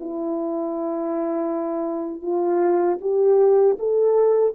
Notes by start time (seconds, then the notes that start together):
0.00 E4
2.22 F4
3.01 G4
3.79 A4